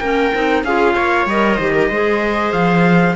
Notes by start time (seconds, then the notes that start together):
0.00 A#3 C#4 A#4 G5
0.34 C4 D#4
0.64 C#4 F4 G#4 F5
0.95 A#3 C#5
1.26 G3 A#4 D#5
1.55 D#3 G4 C5
1.75 A#4
1.88 G#3 G#4 C5
2.52 F3 F5